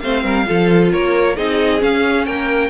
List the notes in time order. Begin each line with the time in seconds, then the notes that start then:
0.00 A3 C4 C5 F5
0.23 G3 A#4
0.45 F3 F4 A4
0.92 A#3 A#4 C#5
1.36 C4 D#4 G#4 D#5
1.79 C#4 F5
2.25 A#3 A#4 G5